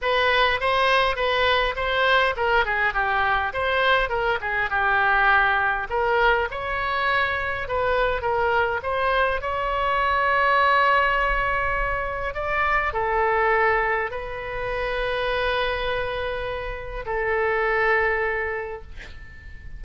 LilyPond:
\new Staff \with { instrumentName = "oboe" } { \time 4/4 \tempo 4 = 102 b'4 c''4 b'4 c''4 | ais'8 gis'8 g'4 c''4 ais'8 gis'8 | g'2 ais'4 cis''4~ | cis''4 b'4 ais'4 c''4 |
cis''1~ | cis''4 d''4 a'2 | b'1~ | b'4 a'2. | }